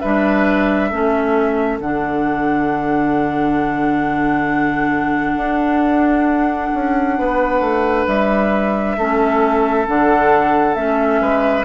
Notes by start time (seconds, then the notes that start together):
0.00 G3 D4 B4 E5
0.90 A3 C#4 A4
1.80 D3 D4 F#5
5.36 D4
6.75 C#4
7.19 B3 B4
7.61 A3
8.08 G3 E5
8.98 A3 C#4 A4
9.88 D3 D4 F#5
10.75 A3 C#4 E5
11.21 G#3 B4